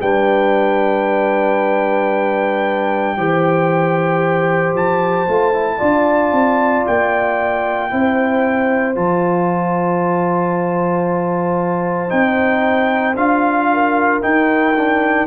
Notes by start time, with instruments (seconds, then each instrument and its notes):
0.00 tuba G3, trombone D4, horn B4, trumpet G5
3.17 tuba E3, trombone G4, horn C5
4.74 tuba F3, trumpet A5
5.27 tuba A3, trombone F4
5.54 trombone E4
5.78 tuba D4, trombone F4, horn D5
6.32 tuba C4
6.87 tuba A#3, trumpet G5
7.89 tuba C4, trombone E4, horn C5
8.95 tuba F3, trombone F4, trumpet A5
12.09 tuba C4, trombone D#4, trumpet G5
13.16 tuba D4, trombone F4, trumpet F5
13.73 horn A#4
14.21 trombone D#4, tuba D#4, trumpet G5
14.77 trombone D4